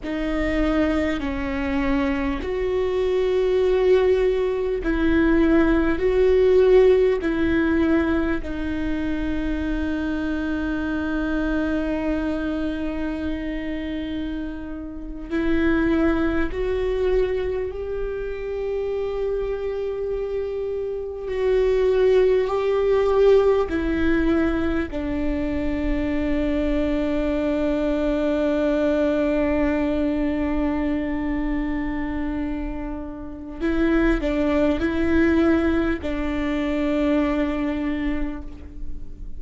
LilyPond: \new Staff \with { instrumentName = "viola" } { \time 4/4 \tempo 4 = 50 dis'4 cis'4 fis'2 | e'4 fis'4 e'4 dis'4~ | dis'1~ | dis'8. e'4 fis'4 g'4~ g'16~ |
g'4.~ g'16 fis'4 g'4 e'16~ | e'8. d'2.~ d'16~ | d'1 | e'8 d'8 e'4 d'2 | }